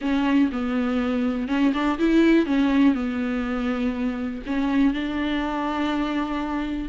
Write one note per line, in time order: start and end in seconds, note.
0.01 0.50 C#4
0.51 1.48 B3
1.48 1.72 C#4
1.73 1.98 D4
1.99 2.45 E4
2.45 2.94 C#4
2.94 4.42 B3
4.46 4.93 C#4
4.93 6.89 D4